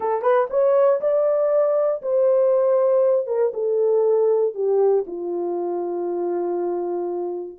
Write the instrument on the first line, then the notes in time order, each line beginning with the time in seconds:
horn
0.00 A4
0.22 B4
0.50 C#5
1.01 D5
2.01 C5
3.27 A#4
3.53 A4
4.54 G4
5.06 F4